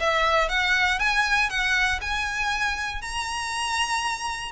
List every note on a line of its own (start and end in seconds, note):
0.00 0.49 E5
0.49 0.99 F#5
0.99 1.50 G#5
1.50 2.01 F#5
2.01 3.02 G#5
3.02 4.52 A#5